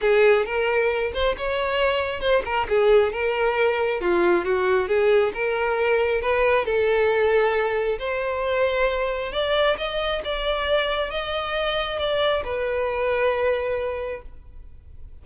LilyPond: \new Staff \with { instrumentName = "violin" } { \time 4/4 \tempo 4 = 135 gis'4 ais'4. c''8 cis''4~ | cis''4 c''8 ais'8 gis'4 ais'4~ | ais'4 f'4 fis'4 gis'4 | ais'2 b'4 a'4~ |
a'2 c''2~ | c''4 d''4 dis''4 d''4~ | d''4 dis''2 d''4 | b'1 | }